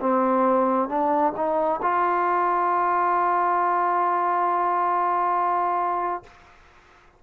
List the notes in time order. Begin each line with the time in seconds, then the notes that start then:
0.00 C4
0.89 D4
1.36 D#4
1.82 F4